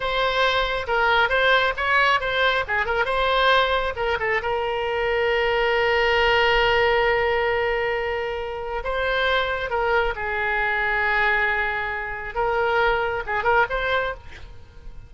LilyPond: \new Staff \with { instrumentName = "oboe" } { \time 4/4 \tempo 4 = 136 c''2 ais'4 c''4 | cis''4 c''4 gis'8 ais'8 c''4~ | c''4 ais'8 a'8 ais'2~ | ais'1~ |
ais'1 | c''2 ais'4 gis'4~ | gis'1 | ais'2 gis'8 ais'8 c''4 | }